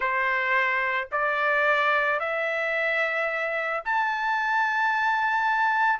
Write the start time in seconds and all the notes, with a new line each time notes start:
0.00 C5
1.11 D5
2.19 E5
3.84 A5